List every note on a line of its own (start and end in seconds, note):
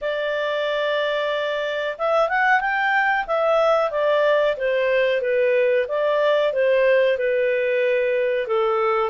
0.01 1.96 D5
1.98 2.28 E5
2.28 2.60 F#5
2.60 3.25 G5
3.26 3.90 E5
3.90 4.55 D5
4.57 5.21 C5
5.21 5.86 B4
5.88 6.52 D5
6.52 7.17 C5
7.17 8.47 B4
8.47 9.10 A4